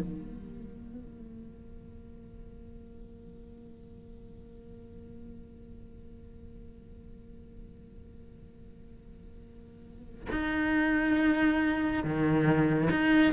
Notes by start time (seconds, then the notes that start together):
0.00 A#3
10.32 D#4
12.03 D#3
12.90 D#4